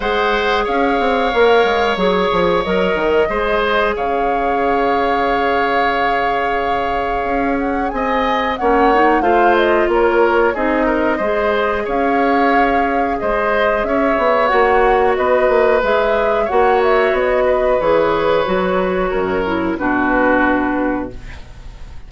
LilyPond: <<
  \new Staff \with { instrumentName = "flute" } { \time 4/4 \tempo 4 = 91 fis''4 f''2 cis''4 | dis''2 f''2~ | f''2.~ f''8 fis''8 | gis''4 fis''4 f''8 dis''8 cis''4 |
dis''2 f''2 | dis''4 e''4 fis''4 dis''4 | e''4 fis''8 e''8 dis''4 cis''4~ | cis''2 b'2 | }
  \new Staff \with { instrumentName = "oboe" } { \time 4/4 c''4 cis''2.~ | cis''4 c''4 cis''2~ | cis''1 | dis''4 cis''4 c''4 ais'4 |
gis'8 ais'8 c''4 cis''2 | c''4 cis''2 b'4~ | b'4 cis''4. b'4.~ | b'4 ais'4 fis'2 | }
  \new Staff \with { instrumentName = "clarinet" } { \time 4/4 gis'2 ais'4 gis'4 | ais'4 gis'2.~ | gis'1~ | gis'4 cis'8 dis'8 f'2 |
dis'4 gis'2.~ | gis'2 fis'2 | gis'4 fis'2 gis'4 | fis'4. e'8 d'2 | }
  \new Staff \with { instrumentName = "bassoon" } { \time 4/4 gis4 cis'8 c'8 ais8 gis8 fis8 f8 | fis8 dis8 gis4 cis2~ | cis2. cis'4 | c'4 ais4 a4 ais4 |
c'4 gis4 cis'2 | gis4 cis'8 b8 ais4 b8 ais8 | gis4 ais4 b4 e4 | fis4 fis,4 b,2 | }
>>